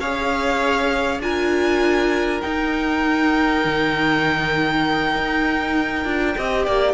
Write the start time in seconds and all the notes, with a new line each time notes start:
0.00 C#4 G#4 C#5 F5
1.20 D4 F4 A#4 G#5
2.42 D#4 G5
3.65 D#3
5.16 D#4
6.05 D4 F4
6.38 C4 G4 D#5
6.66 A#3 D5